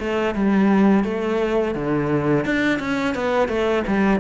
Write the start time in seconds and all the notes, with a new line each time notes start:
0.00 A3
0.35 G3
1.04 A3
1.75 D3
2.45 D4
2.79 C#4
3.15 B3
3.49 A3
3.87 G3